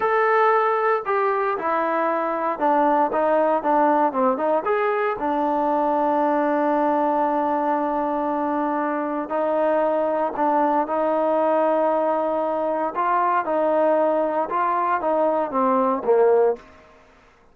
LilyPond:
\new Staff \with { instrumentName = "trombone" } { \time 4/4 \tempo 4 = 116 a'2 g'4 e'4~ | e'4 d'4 dis'4 d'4 | c'8 dis'8 gis'4 d'2~ | d'1~ |
d'2 dis'2 | d'4 dis'2.~ | dis'4 f'4 dis'2 | f'4 dis'4 c'4 ais4 | }